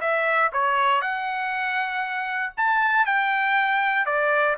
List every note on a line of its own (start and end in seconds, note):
0.00 0.50 E5
0.52 1.01 C#5
1.01 2.52 F#5
2.57 3.05 A5
3.05 4.05 G5
4.05 4.56 D5